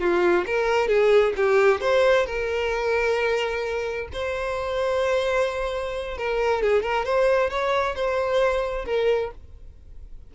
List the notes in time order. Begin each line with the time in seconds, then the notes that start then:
0.00 F4
0.47 A#4
0.88 G#4
1.37 G4
1.81 C5
2.27 A#4
4.13 C5
6.18 A#4
6.63 G#4
6.83 A#4
7.06 C5
7.50 C#5
7.96 C5
8.86 A#4